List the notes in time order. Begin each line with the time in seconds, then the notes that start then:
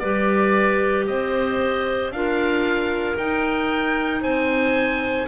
0.00 G3 G4 B4 D5
1.07 C4 C5 D#5
2.11 D4 F4 A#4 F5
3.17 D#4 G5
4.22 C4 C5 G#5